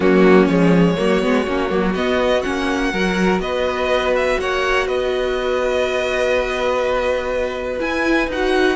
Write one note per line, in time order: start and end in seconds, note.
0.00 0.47 F#3
0.00 0.49 A#3
0.00 0.95 C#4
0.00 0.46 F#4
0.46 0.96 F3
0.46 0.97 G#3
0.46 1.92 C#5
0.97 1.22 F#3
0.97 1.21 A#3
0.97 2.92 F#4
1.21 1.46 G#3
1.21 1.46 B3
1.46 1.70 A#3
1.46 1.69 C#4
1.69 1.94 F#3
1.69 1.93 A#3
1.94 2.43 B3
1.94 2.42 D#5
2.42 2.92 A#3
2.42 2.92 C#4
2.42 3.39 F#5
2.92 3.39 F#3
2.92 7.79 F#4
2.92 3.41 A#4
3.39 4.36 B3
3.39 4.39 B4
3.39 4.14 D#5
4.15 4.40 E5
4.39 4.87 A#3
4.39 4.87 C#5
4.39 4.87 F#5
4.87 7.79 B3
4.87 8.76 B4
4.87 7.80 D#5
7.79 8.28 E4
7.79 8.29 G#5
8.28 8.76 D#4
8.28 8.76 F#4
8.28 8.76 F#5